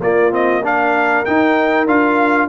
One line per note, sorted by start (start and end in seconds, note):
0.00 1.24 A#3
0.00 0.31 A#3
0.00 0.64 F4
0.00 0.33 D5
0.31 0.62 C4
0.31 0.65 D#5
0.64 1.26 D4
0.64 2.49 A#4
0.64 1.25 F5
1.25 1.87 D#4
1.25 1.87 G5
1.87 2.48 D4
1.87 2.49 F4
1.87 2.49 F5